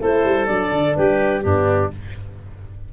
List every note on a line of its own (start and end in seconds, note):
0.00 0.24 A3
0.00 0.48 E4
0.00 0.98 A4
0.00 0.47 C5
0.24 0.48 G3
0.47 0.72 F#3
0.47 1.44 D4
0.47 0.95 D5
0.72 0.96 D3
0.96 1.45 G3
0.96 1.44 G4
0.96 1.42 B4
1.42 1.93 G2
1.42 1.92 B3
1.42 1.92 D4
1.42 1.90 G4